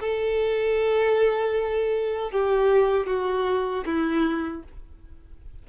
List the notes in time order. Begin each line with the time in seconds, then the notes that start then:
0.00 A4
2.31 G4
3.06 F#4
3.85 E4